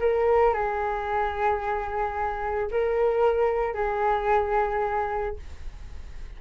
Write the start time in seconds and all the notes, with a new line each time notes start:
0.00 A#4
0.54 G#4
2.71 A#4
3.74 G#4